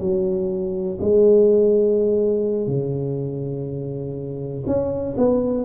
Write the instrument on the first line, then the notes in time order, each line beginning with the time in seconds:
tuba
0.00 F#3
1.01 G#3
2.67 C#3
4.66 C#4
5.17 B3